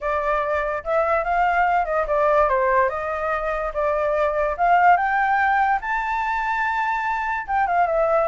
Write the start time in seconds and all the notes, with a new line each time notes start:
0.00 D5
0.84 E5
1.24 F5
1.85 D#5
2.07 D5
2.48 C5
2.89 D#5
3.73 D5
4.57 F5
4.96 G5
5.81 A5
7.47 G5
7.66 F5
7.86 E5